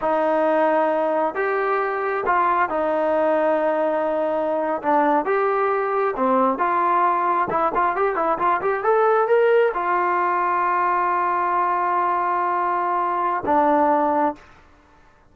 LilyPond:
\new Staff \with { instrumentName = "trombone" } { \time 4/4 \tempo 4 = 134 dis'2. g'4~ | g'4 f'4 dis'2~ | dis'2~ dis'8. d'4 g'16~ | g'4.~ g'16 c'4 f'4~ f'16~ |
f'8. e'8 f'8 g'8 e'8 f'8 g'8 a'16~ | a'8. ais'4 f'2~ f'16~ | f'1~ | f'2 d'2 | }